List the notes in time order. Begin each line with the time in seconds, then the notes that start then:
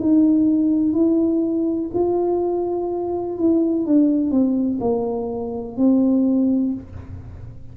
0.00 D#4
0.93 E4
1.94 F4
3.38 E4
3.86 D4
4.31 C4
4.80 A#3
5.77 C4